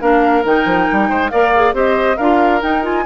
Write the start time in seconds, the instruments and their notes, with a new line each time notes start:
0.00 bassoon A#3, clarinet D4, oboe A#4, flute F5
0.44 bassoon D#3, clarinet D#4, flute G5
0.65 bassoon F3
0.91 bassoon G3
1.09 bassoon G#3, oboe C5
1.29 bassoon A#3, clarinet A#4, oboe D5, flute F5
1.55 clarinet G#4
1.73 bassoon C4, clarinet G4, oboe C5, flute D#5
2.16 bassoon D4, clarinet F4, oboe A#4, flute F5
2.61 clarinet D#4, bassoon D#4, flute G5
2.82 clarinet F4, flute G#5